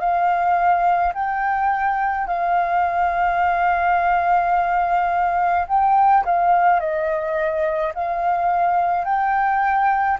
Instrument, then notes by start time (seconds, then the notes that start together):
flute
0.00 F5
1.14 G5
2.27 F5
5.68 G5
6.25 F5
6.80 D#5
7.95 F5
9.05 G5